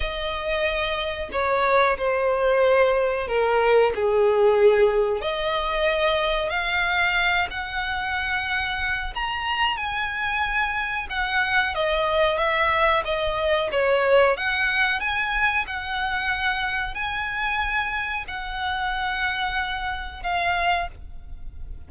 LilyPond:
\new Staff \with { instrumentName = "violin" } { \time 4/4 \tempo 4 = 92 dis''2 cis''4 c''4~ | c''4 ais'4 gis'2 | dis''2 f''4. fis''8~ | fis''2 ais''4 gis''4~ |
gis''4 fis''4 dis''4 e''4 | dis''4 cis''4 fis''4 gis''4 | fis''2 gis''2 | fis''2. f''4 | }